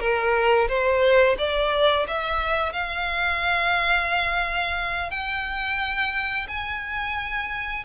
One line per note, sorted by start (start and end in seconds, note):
0.00 0.68 A#4
0.68 1.36 C5
1.38 2.06 D5
2.08 2.73 E5
2.73 5.11 F5
5.11 6.47 G5
6.48 7.84 G#5